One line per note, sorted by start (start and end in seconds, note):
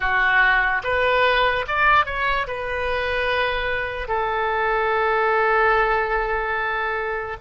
0.00 0.82 F#4
0.83 1.65 B4
1.67 2.05 D5
2.05 2.47 C#5
2.47 4.08 B4
4.08 7.36 A4